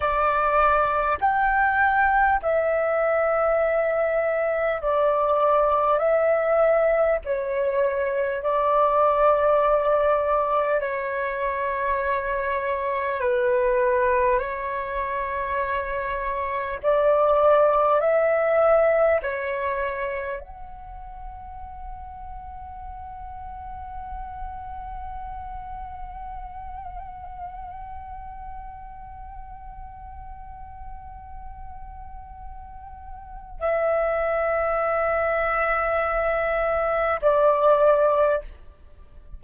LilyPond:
\new Staff \with { instrumentName = "flute" } { \time 4/4 \tempo 4 = 50 d''4 g''4 e''2 | d''4 e''4 cis''4 d''4~ | d''4 cis''2 b'4 | cis''2 d''4 e''4 |
cis''4 fis''2.~ | fis''1~ | fis''1 | e''2. d''4 | }